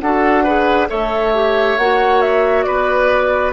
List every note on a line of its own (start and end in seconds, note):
0.00 0.90 D4
0.00 0.46 F#4
0.00 0.44 A4
0.00 0.88 F#5
0.44 0.88 G#4
0.44 0.88 B4
0.88 1.78 A3
0.88 1.32 A4
0.88 2.66 C#5
0.88 1.78 E5
1.34 1.78 G4
1.78 2.66 A#3
1.78 3.53 F#4
1.78 2.21 F#5
2.21 2.63 E5
2.63 3.53 B3
2.63 3.53 B4
2.63 3.51 D5